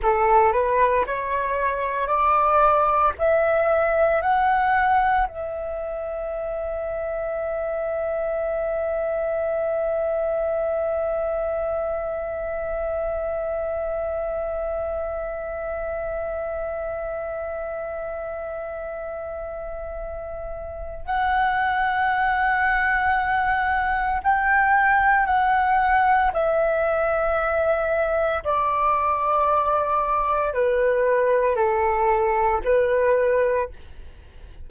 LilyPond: \new Staff \with { instrumentName = "flute" } { \time 4/4 \tempo 4 = 57 a'8 b'8 cis''4 d''4 e''4 | fis''4 e''2.~ | e''1~ | e''1~ |
e''1 | fis''2. g''4 | fis''4 e''2 d''4~ | d''4 b'4 a'4 b'4 | }